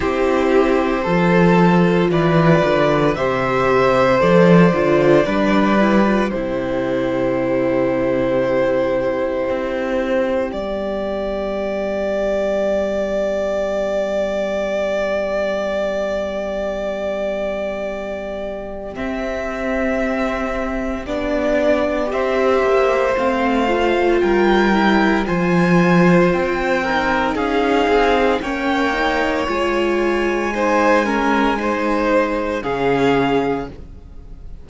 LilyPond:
<<
  \new Staff \with { instrumentName = "violin" } { \time 4/4 \tempo 4 = 57 c''2 d''4 e''4 | d''2 c''2~ | c''2 d''2~ | d''1~ |
d''2 e''2 | d''4 e''4 f''4 g''4 | gis''4 g''4 f''4 g''4 | gis''2. f''4 | }
  \new Staff \with { instrumentName = "violin" } { \time 4/4 g'4 a'4 b'4 c''4~ | c''4 b'4 g'2~ | g'1~ | g'1~ |
g'1~ | g'4 c''2 ais'4 | c''4. ais'8 gis'4 cis''4~ | cis''4 c''8 ais'8 c''4 gis'4 | }
  \new Staff \with { instrumentName = "viola" } { \time 4/4 e'4 f'2 g'4 | a'8 f'8 d'8 e'16 f'16 e'2~ | e'2 b2~ | b1~ |
b2 c'2 | d'4 g'4 c'8 f'4 e'8 | f'4. dis'4. cis'8 dis'8 | f'4 dis'8 cis'8 dis'4 cis'4 | }
  \new Staff \with { instrumentName = "cello" } { \time 4/4 c'4 f4 e8 d8 c4 | f8 d8 g4 c2~ | c4 c'4 g2~ | g1~ |
g2 c'2 | b4 c'8 ais8 a4 g4 | f4 c'4 cis'8 c'8 ais4 | gis2. cis4 | }
>>